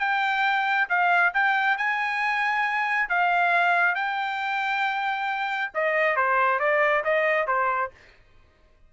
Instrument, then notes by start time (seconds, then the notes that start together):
trumpet
0.00 G5
0.89 F5
1.34 G5
1.78 G#5
3.09 F5
3.95 G5
5.75 D#5
6.17 C5
6.60 D5
7.04 D#5
7.47 C5